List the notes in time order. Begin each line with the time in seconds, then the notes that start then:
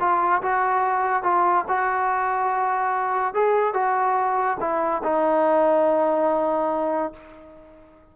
0.00 F4
0.43 F#4
1.23 F4
1.68 F#4
3.35 G#4
3.74 F#4
4.60 E4
5.03 D#4